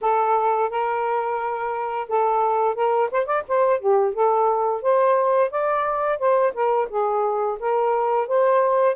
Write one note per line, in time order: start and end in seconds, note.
0.01 0.70 A4
0.70 2.08 A#4
2.08 2.75 A4
2.75 3.09 A#4
3.11 3.25 C5
3.25 3.43 D5
3.48 3.79 C5
3.79 4.14 G4
4.14 4.82 A4
4.82 5.50 C5
5.50 6.18 D5
6.18 6.53 C5
6.54 6.88 A#4
6.89 7.58 G#4
7.59 8.27 A#4
8.27 8.95 C5